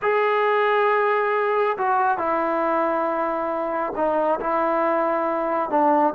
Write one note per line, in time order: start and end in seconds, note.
0.02 1.77 G#4
1.77 2.18 F#4
2.18 3.93 E4
3.95 4.39 D#4
4.39 5.70 E4
5.70 6.13 D4